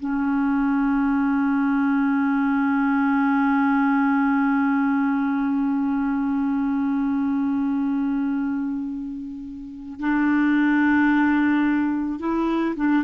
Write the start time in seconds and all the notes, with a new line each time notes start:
0.00 C#4
9.99 D4
12.20 E4
12.76 D4